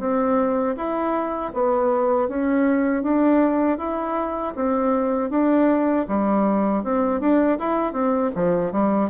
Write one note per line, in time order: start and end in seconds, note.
0.00 0.76 C4
0.76 1.52 E4
1.54 2.29 B3
2.29 3.03 C#4
3.03 3.78 D4
3.78 4.54 E4
4.56 5.30 C4
5.30 6.06 D4
6.08 6.84 G3
6.84 7.21 C4
7.21 7.59 D4
7.59 7.93 E4
7.93 8.31 C4
8.35 8.72 F3
8.72 9.10 G3